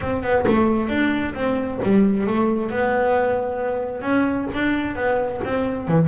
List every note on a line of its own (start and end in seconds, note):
0.01 0.22 C4
0.22 0.45 B3
0.46 0.88 A3
0.88 1.33 D4
1.34 1.79 C4
1.83 2.26 G3
2.26 2.70 A3
2.70 4.01 B3
4.01 4.46 C#4
4.54 4.95 D4
4.95 5.41 B3
5.44 5.87 C4
5.87 6.07 E3